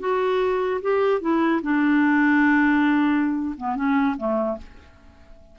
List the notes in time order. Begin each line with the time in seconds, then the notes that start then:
0.00 F#4
0.82 G4
1.21 E4
1.63 D4
3.58 B3
3.76 C#4
4.18 A3